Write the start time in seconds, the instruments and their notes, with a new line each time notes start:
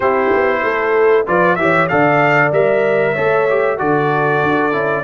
0.00 tuba C4, trombone E4, horn G4, trumpet C5
0.32 tuba B3
0.63 tuba A3, horn A4
1.26 tuba F3, trombone F4, horn B4, trumpet D5
1.55 tuba E3, trombone G4, horn C#5, trumpet E5
1.88 tuba D3, trombone A4, horn D5, trumpet F5
2.51 tuba G3, trombone A#4, trumpet E5
3.12 tuba A3, trombone A4, horn C#5
3.49 trombone G4
3.78 tuba D3, trombone F#4, horn A4, trumpet D5
4.42 tuba D4
4.71 tuba C#4, trombone E4